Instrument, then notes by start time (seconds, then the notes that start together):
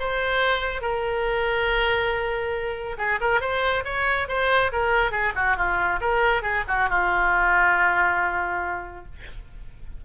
oboe
0.00 C5
0.82 A#4
2.98 G#4
3.21 A#4
3.41 C5
3.85 C#5
4.29 C5
4.72 A#4
5.12 G#4
5.35 F#4
5.57 F4
6.01 A#4
6.43 G#4
6.68 F#4
6.89 F4